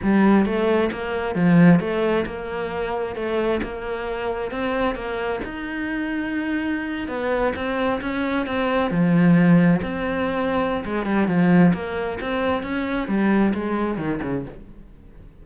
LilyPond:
\new Staff \with { instrumentName = "cello" } { \time 4/4 \tempo 4 = 133 g4 a4 ais4 f4 | a4 ais2 a4 | ais2 c'4 ais4 | dis'2.~ dis'8. b16~ |
b8. c'4 cis'4 c'4 f16~ | f4.~ f16 c'2~ c'16 | gis8 g8 f4 ais4 c'4 | cis'4 g4 gis4 dis8 cis8 | }